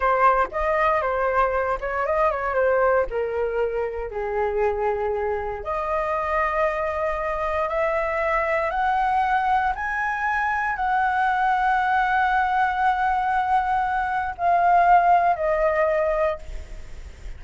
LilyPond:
\new Staff \with { instrumentName = "flute" } { \time 4/4 \tempo 4 = 117 c''4 dis''4 c''4. cis''8 | dis''8 cis''8 c''4 ais'2 | gis'2. dis''4~ | dis''2. e''4~ |
e''4 fis''2 gis''4~ | gis''4 fis''2.~ | fis''1 | f''2 dis''2 | }